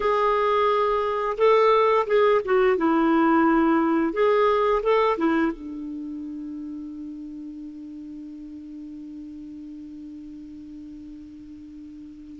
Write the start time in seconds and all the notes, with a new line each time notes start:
0.00 G#4
1.37 A4
2.07 G#4
2.45 F#4
2.77 E4
4.13 G#4
4.82 A4
5.17 E4
5.51 D4